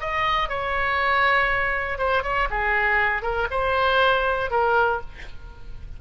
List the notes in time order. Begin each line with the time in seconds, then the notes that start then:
0.00 D#5
0.49 C#5
1.98 C5
2.23 C#5
2.50 G#4
3.22 A#4
3.50 C5
4.50 A#4